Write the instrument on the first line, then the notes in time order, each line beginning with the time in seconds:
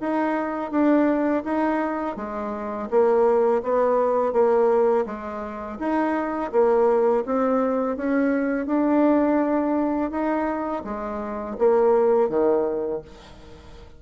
bassoon
0.00 D#4
0.71 D4
1.44 D#4
2.16 G#3
2.90 A#3
3.62 B3
4.32 A#3
5.06 G#3
5.79 D#4
6.52 A#3
7.25 C4
7.96 C#4
8.66 D4
10.10 D#4
10.84 G#3
11.58 A#3
12.29 D#3